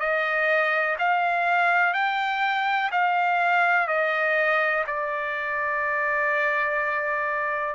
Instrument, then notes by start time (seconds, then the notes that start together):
trumpet
0.00 D#5
0.99 F5
1.94 G5
2.92 F5
3.88 D#5
4.87 D5